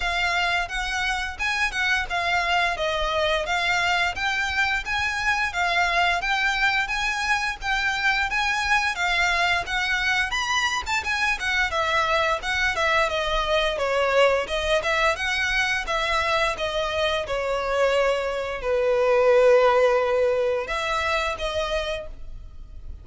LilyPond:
\new Staff \with { instrumentName = "violin" } { \time 4/4 \tempo 4 = 87 f''4 fis''4 gis''8 fis''8 f''4 | dis''4 f''4 g''4 gis''4 | f''4 g''4 gis''4 g''4 | gis''4 f''4 fis''4 b''8. a''16 |
gis''8 fis''8 e''4 fis''8 e''8 dis''4 | cis''4 dis''8 e''8 fis''4 e''4 | dis''4 cis''2 b'4~ | b'2 e''4 dis''4 | }